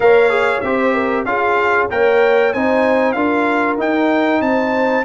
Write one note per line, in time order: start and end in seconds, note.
0.00 0.61 A#3
0.00 0.29 A#4
0.00 0.65 C#5
0.00 0.61 F5
0.29 0.61 G#4
0.61 1.25 C4
0.61 1.26 G4
0.61 0.93 C5
0.61 1.24 E5
0.93 1.24 A#4
1.25 1.88 C#4
1.25 1.89 F4
1.25 1.91 G#4
1.25 1.88 F5
1.90 2.54 A#3
1.90 2.53 A#4
1.90 2.53 C#5
1.90 2.53 G5
2.53 3.15 C4
2.53 3.15 D#4
2.53 3.15 C5
2.53 3.12 G#5
3.12 3.78 D4
3.12 3.78 F4
3.12 4.41 A#4
3.12 3.75 F5
3.78 5.04 D#4
3.78 4.41 D#4
3.78 4.41 G5
4.41 5.04 C4
4.41 5.04 C5
4.41 5.04 A5